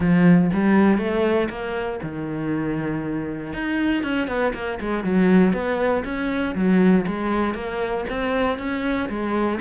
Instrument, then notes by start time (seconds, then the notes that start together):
cello
0.00 F3
0.53 G3
0.98 A3
1.49 A#3
2.03 D#3
3.53 D#4
4.03 C#4
4.27 B3
4.54 A#3
4.80 G#3
5.04 F#3
5.53 B3
6.04 C#4
6.55 F#3
7.06 G#3
7.54 A#3
8.09 C4
8.58 C#4
9.09 G#3